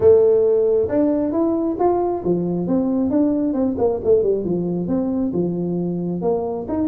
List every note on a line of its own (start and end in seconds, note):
0.00 0.88 A3
0.88 1.32 D4
1.32 1.76 E4
1.79 2.23 F4
2.24 2.67 F3
2.67 3.10 C4
3.10 3.53 D4
3.53 3.75 C4
3.77 4.00 A#3
4.04 4.22 A3
4.22 4.44 G3
4.44 4.87 F3
4.87 5.32 C4
5.33 6.21 F3
6.21 6.66 A#3
6.68 6.88 D#4